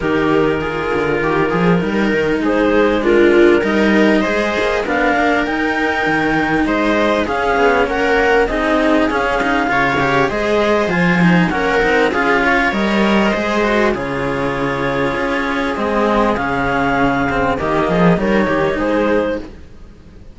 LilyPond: <<
  \new Staff \with { instrumentName = "clarinet" } { \time 4/4 \tempo 4 = 99 ais'1 | c''4 ais'4 dis''2 | f''4 g''2 dis''4 | f''4 fis''4 dis''4 f''4~ |
f''4 dis''4 gis''4 fis''4 | f''4 dis''2 cis''4~ | cis''2 dis''4 f''4~ | f''4 dis''4 cis''4 c''4 | }
  \new Staff \with { instrumentName = "viola" } { \time 4/4 g'4 gis'4 g'8 gis'8 ais'4 | gis'4 f'4 ais'4 c''4 | ais'2. c''4 | gis'4 ais'4 gis'2 |
cis''4 c''2 ais'4 | gis'8 cis''4. c''4 gis'4~ | gis'1~ | gis'4 g'8 gis'8 ais'8 g'8 gis'4 | }
  \new Staff \with { instrumentName = "cello" } { \time 4/4 dis'4 f'2 dis'4~ | dis'4 d'4 dis'4 gis'4 | d'4 dis'2. | cis'2 dis'4 cis'8 dis'8 |
f'8 g'8 gis'4 f'8 dis'8 cis'8 dis'8 | f'4 ais'4 gis'8 fis'8 f'4~ | f'2 c'4 cis'4~ | cis'8 c'8 ais4 dis'2 | }
  \new Staff \with { instrumentName = "cello" } { \time 4/4 dis4. d8 dis8 f8 g8 dis8 | gis2 g4 gis8 ais8 | b8 ais8 dis'4 dis4 gis4 | cis'8 b8 ais4 c'4 cis'4 |
cis4 gis4 f4 ais8 c'8 | cis'4 g4 gis4 cis4~ | cis4 cis'4 gis4 cis4~ | cis4 dis8 f8 g8 dis8 gis4 | }
>>